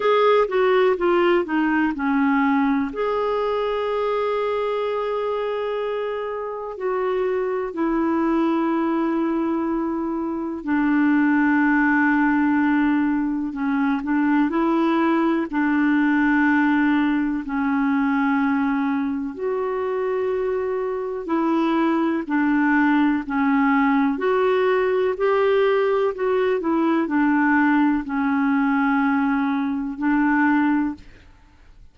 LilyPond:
\new Staff \with { instrumentName = "clarinet" } { \time 4/4 \tempo 4 = 62 gis'8 fis'8 f'8 dis'8 cis'4 gis'4~ | gis'2. fis'4 | e'2. d'4~ | d'2 cis'8 d'8 e'4 |
d'2 cis'2 | fis'2 e'4 d'4 | cis'4 fis'4 g'4 fis'8 e'8 | d'4 cis'2 d'4 | }